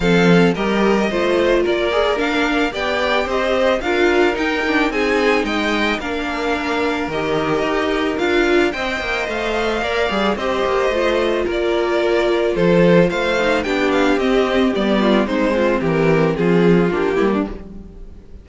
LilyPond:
<<
  \new Staff \with { instrumentName = "violin" } { \time 4/4 \tempo 4 = 110 f''4 dis''2 d''4 | f''4 g''4 dis''4 f''4 | g''4 gis''4 g''4 f''4~ | f''4 dis''2 f''4 |
g''4 f''2 dis''4~ | dis''4 d''2 c''4 | f''4 g''8 f''8 dis''4 d''4 | c''4 ais'4 gis'4 g'4 | }
  \new Staff \with { instrumentName = "violin" } { \time 4/4 a'4 ais'4 c''4 ais'4~ | ais'4 d''4 c''4 ais'4~ | ais'4 gis'4 dis''4 ais'4~ | ais'1 |
dis''2 d''4 c''4~ | c''4 ais'2 a'4 | c''4 g'2~ g'8 f'8 | dis'8 f'8 g'4 f'4. e'16 d'16 | }
  \new Staff \with { instrumentName = "viola" } { \time 4/4 c'4 g'4 f'4. gis'8 | d'4 g'2 f'4 | dis'8 d'8 dis'2 d'4~ | d'4 g'2 f'4 |
c''2 ais'8 gis'8 g'4 | f'1~ | f'8 dis'8 d'4 c'4 b4 | c'2. d'8 ais8 | }
  \new Staff \with { instrumentName = "cello" } { \time 4/4 f4 g4 a4 ais4~ | ais4 b4 c'4 d'4 | dis'4 c'4 gis4 ais4~ | ais4 dis4 dis'4 d'4 |
c'8 ais8 a4 ais8 g8 c'8 ais8 | a4 ais2 f4 | a4 b4 c'4 g4 | gis4 e4 f4 ais8 g8 | }
>>